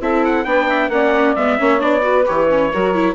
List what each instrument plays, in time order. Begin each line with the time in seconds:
0.00 bassoon C4, viola E4, saxophone A4, trumpet E5
0.24 trumpet F#5
0.44 bassoon B3, viola D4, saxophone B4, trumpet G5
0.67 saxophone E5
0.89 bassoon A#3, viola C#4, saxophone D5, trumpet F#5
1.35 bassoon G#3, viola B3, trumpet E5
1.57 bassoon A#3, viola C#4, saxophone C#5
1.78 bassoon B3, viola D4, trumpet D5
2.01 viola F#4, saxophone B4
2.26 bassoon E3, viola G4, trumpet C#5
2.48 viola C#4
2.70 bassoon F#3, viola F#4, saxophone A#4
2.94 viola E4